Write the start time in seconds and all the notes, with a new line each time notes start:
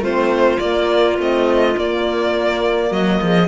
0.00 A3 C4 F4 C5
0.59 A#3 D5
1.17 A3 C4 D#5
1.77 A#3 D5
2.90 F#3 F#4 D#5
3.21 F3 G#4